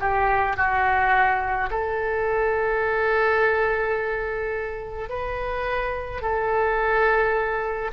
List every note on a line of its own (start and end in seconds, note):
0.00 0.57 G4
0.57 1.70 F#4
1.71 5.09 A4
5.09 6.22 B4
6.22 7.92 A4